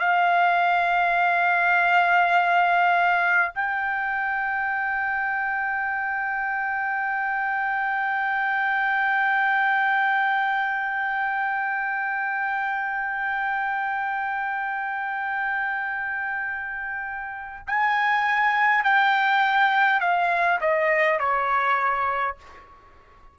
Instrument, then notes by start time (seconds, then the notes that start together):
trumpet
0.00 F5
3.55 G5
17.67 G#5
18.84 G5
20.01 F5
20.61 D#5
21.20 C#5